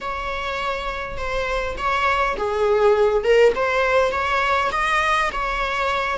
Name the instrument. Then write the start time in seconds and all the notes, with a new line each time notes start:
viola
0.00 C#5
1.17 C5
1.77 C#5
2.37 G#4
3.24 A#4
3.55 C5
4.11 C#5
4.71 D#5
5.32 C#5